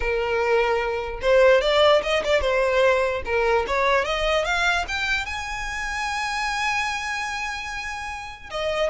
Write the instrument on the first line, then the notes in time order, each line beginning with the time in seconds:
violin
0.00 A#4
1.21 C5
1.61 D5
2.02 D#5
2.24 D5
2.41 C5
3.25 A#4
3.67 C#5
4.04 D#5
4.44 F5
4.88 G5
5.25 G#5
8.50 D#5